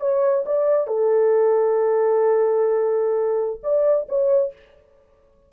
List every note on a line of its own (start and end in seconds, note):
0.00 0.44 C#5
0.45 0.87 D5
0.87 3.61 A4
3.63 4.07 D5
4.08 4.52 C#5